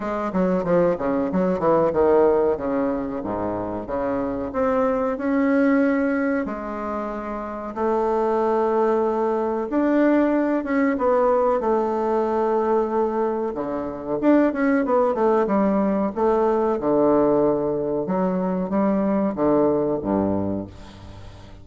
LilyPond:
\new Staff \with { instrumentName = "bassoon" } { \time 4/4 \tempo 4 = 93 gis8 fis8 f8 cis8 fis8 e8 dis4 | cis4 gis,4 cis4 c'4 | cis'2 gis2 | a2. d'4~ |
d'8 cis'8 b4 a2~ | a4 d4 d'8 cis'8 b8 a8 | g4 a4 d2 | fis4 g4 d4 g,4 | }